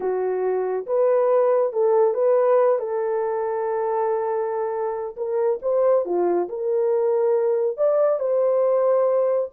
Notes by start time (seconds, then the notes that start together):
0.00 F#4
0.86 B4
1.72 A4
2.14 B4
2.78 A4
5.16 A#4
5.62 C5
6.05 F4
6.48 A#4
7.77 D5
8.19 C5